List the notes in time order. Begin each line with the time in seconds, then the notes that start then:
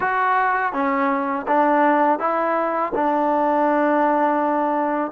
0.00 F#4
0.73 C#4
1.47 D4
2.19 E4
2.95 D4